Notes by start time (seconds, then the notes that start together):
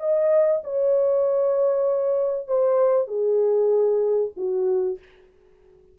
0.00 D#5
0.64 C#5
2.47 C5
3.08 G#4
4.37 F#4